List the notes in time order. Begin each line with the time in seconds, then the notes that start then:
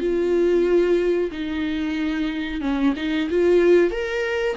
0.00 F4
1.31 D#4
2.61 C#4
2.96 D#4
3.30 F4
3.90 A#4